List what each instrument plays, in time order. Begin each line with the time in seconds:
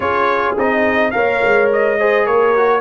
0.00 tuba C#4, trombone F4, horn G#4, trumpet C#5
0.57 tuba C4, trombone D#4, trumpet D#5
1.10 tuba A#3, trombone A#4, horn C#5, trumpet F5
1.43 tuba G#3
1.72 trumpet D#5
1.99 trombone G#4, horn C5
2.25 tuba A#3, horn A#4, trumpet C#5
2.56 trombone F#4